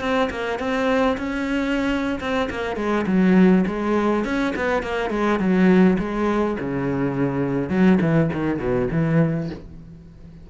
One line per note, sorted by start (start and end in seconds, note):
0.00 0.29 C4
0.30 0.59 A#3
0.59 1.17 C4
1.17 2.19 C#4
2.20 2.49 C4
2.50 2.76 A#3
2.76 3.05 G#3
3.06 3.65 F#3
3.66 4.24 G#3
4.24 4.54 C#4
4.55 4.82 B3
4.82 5.10 A#3
5.10 5.39 G#3
5.39 5.97 F#3
5.99 6.57 G#3
6.59 7.69 C#3
7.69 7.98 F#3
8.01 8.30 E3
8.33 8.59 D#3
8.59 8.88 B2
8.91 9.50 E3